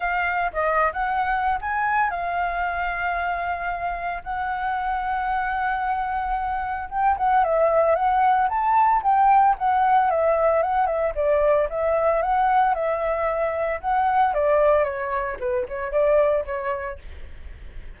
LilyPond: \new Staff \with { instrumentName = "flute" } { \time 4/4 \tempo 4 = 113 f''4 dis''8. fis''4~ fis''16 gis''4 | f''1 | fis''1~ | fis''4 g''8 fis''8 e''4 fis''4 |
a''4 g''4 fis''4 e''4 | fis''8 e''8 d''4 e''4 fis''4 | e''2 fis''4 d''4 | cis''4 b'8 cis''8 d''4 cis''4 | }